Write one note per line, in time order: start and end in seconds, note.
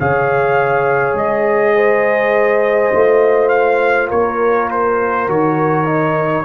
0.00 1.14 C#3
0.00 2.93 G#4
0.00 1.76 C#5
0.00 1.17 F5
1.14 2.90 G#3
1.14 3.49 D#5
1.76 4.09 C5
2.93 4.11 A3
2.93 5.28 F4
3.49 4.08 F5
4.09 5.28 A#3
4.09 6.44 A#4
4.09 4.69 C#5
4.71 5.29 C5
5.28 6.45 D#3
5.28 5.86 F#4
5.28 6.45 C#5
5.86 6.44 D#4